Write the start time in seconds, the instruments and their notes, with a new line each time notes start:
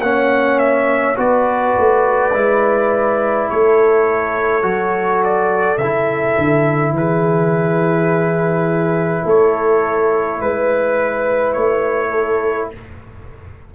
0.00 tuba A#3, trombone C#4, horn C#5, trumpet F#5
0.59 trumpet E5
1.17 tuba B3, trombone F#4, horn B4, trumpet D5
1.78 tuba A3
2.33 tuba G#3, trombone E4
3.50 tuba A3, horn A4, trumpet C#5
4.62 tuba F#3, trombone F#4
5.24 trumpet D5
5.78 tuba C#3, trombone E4, trumpet E5
6.38 tuba D3
6.92 tuba E3, trumpet B4
6.98 horn G#4
9.24 tuba A3, horn A4, trumpet C#5
10.41 tuba G#3, trumpet B4, horn B4
11.53 tuba A3, trumpet C#5
12.10 horn A4